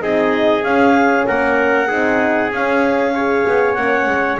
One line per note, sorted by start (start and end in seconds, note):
0.00 0.63 C4
0.00 0.62 D#4
0.00 1.26 G#4
0.00 0.63 D#5
0.63 1.26 C#4
0.63 1.88 C#4
0.63 1.25 F5
1.26 1.90 A#3
1.26 1.88 A#4
1.26 2.51 F#5
1.88 2.52 C4
1.88 2.51 D#4
1.88 3.13 G#4
2.52 3.45 C#4
2.52 3.15 C#4
2.52 3.74 F5
3.14 3.77 G#4
3.14 4.39 C#5
3.47 3.76 B3
3.74 4.06 A#3
3.74 4.39 C#4
3.74 4.36 F#5
4.06 4.37 G#3